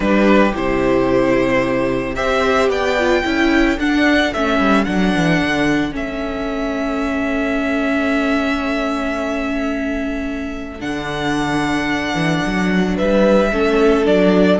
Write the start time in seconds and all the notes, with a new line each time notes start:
0.00 G3 D4 G4 B4
0.53 C3 E4 C5
2.15 C4 G4 C5 E5
2.68 B3 D5 G5
2.99 F4
3.23 C#4 E4 A4
3.78 D4 F#5
4.33 A3 C#4 E5
4.58 G3
4.84 F#3 D4 F#5
5.14 E3
5.42 D3
5.91 A3 C#4 E5
10.80 D3 D4 F#5
12.14 E3
12.46 F#3
12.96 G3 B4 E5
13.51 A3 C#4 A4
14.04 F#3 D4 D5